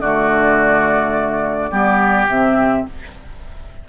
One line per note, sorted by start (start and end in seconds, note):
0.00 1.72 D3
0.00 1.71 A3
0.00 1.71 F#4
0.00 2.29 D5
1.71 2.28 G3
1.71 2.28 B3
1.71 2.85 G4
2.28 2.85 C3
2.28 2.89 C4
2.28 2.86 E5